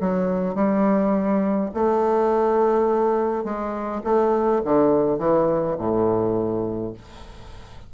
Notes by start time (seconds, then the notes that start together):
0.00 F#3
0.55 G3
1.74 A3
3.44 G#3
4.04 A3
4.64 D3
5.19 E3
5.78 A2